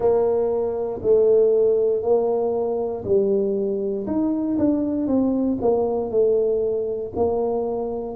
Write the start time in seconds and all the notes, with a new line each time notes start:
0.00 A#3
1.02 A3
2.02 A#3
3.05 G3
4.06 D#4
4.58 D4
5.07 C4
5.61 A#3
6.10 A3
7.15 A#3